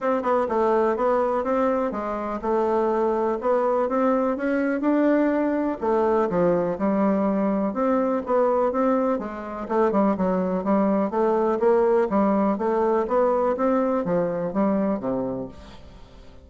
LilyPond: \new Staff \with { instrumentName = "bassoon" } { \time 4/4 \tempo 4 = 124 c'8 b8 a4 b4 c'4 | gis4 a2 b4 | c'4 cis'4 d'2 | a4 f4 g2 |
c'4 b4 c'4 gis4 | a8 g8 fis4 g4 a4 | ais4 g4 a4 b4 | c'4 f4 g4 c4 | }